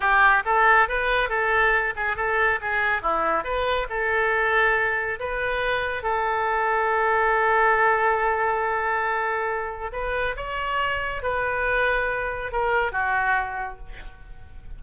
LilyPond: \new Staff \with { instrumentName = "oboe" } { \time 4/4 \tempo 4 = 139 g'4 a'4 b'4 a'4~ | a'8 gis'8 a'4 gis'4 e'4 | b'4 a'2. | b'2 a'2~ |
a'1~ | a'2. b'4 | cis''2 b'2~ | b'4 ais'4 fis'2 | }